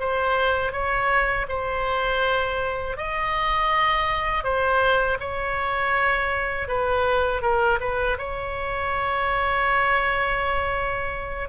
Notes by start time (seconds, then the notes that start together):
0.00 C5
0.72 C#5
1.49 C5
2.97 D#5
4.44 C5
5.20 C#5
6.68 B4
7.42 A#4
7.80 B4
8.19 C#5